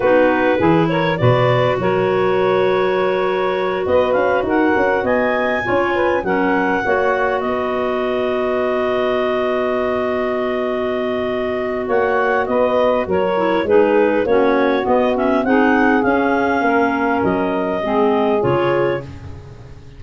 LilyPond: <<
  \new Staff \with { instrumentName = "clarinet" } { \time 4/4 \tempo 4 = 101 b'4. cis''8 d''4 cis''4~ | cis''2~ cis''8 dis''8 f''8 fis''8~ | fis''8 gis''2 fis''4.~ | fis''8 dis''2.~ dis''8~ |
dis''1 | fis''4 dis''4 cis''4 b'4 | cis''4 dis''8 e''8 fis''4 f''4~ | f''4 dis''2 cis''4 | }
  \new Staff \with { instrumentName = "saxophone" } { \time 4/4 fis'4 gis'8 ais'8 b'4 ais'4~ | ais'2~ ais'8 b'4 ais'8~ | ais'8 dis''4 cis''8 b'8 ais'4 cis''8~ | cis''8 b'2.~ b'8~ |
b'1 | cis''4 b'4 ais'4 gis'4 | fis'2 gis'2 | ais'2 gis'2 | }
  \new Staff \with { instrumentName = "clarinet" } { \time 4/4 dis'4 e'4 fis'2~ | fis'1~ | fis'4. f'4 cis'4 fis'8~ | fis'1~ |
fis'1~ | fis'2~ fis'8 e'8 dis'4 | cis'4 b8 cis'8 dis'4 cis'4~ | cis'2 c'4 f'4 | }
  \new Staff \with { instrumentName = "tuba" } { \time 4/4 b4 e4 b,4 fis4~ | fis2~ fis8 b8 cis'8 dis'8 | cis'8 b4 cis'4 fis4 ais8~ | ais8 b2.~ b8~ |
b1 | ais4 b4 fis4 gis4 | ais4 b4 c'4 cis'4 | ais4 fis4 gis4 cis4 | }
>>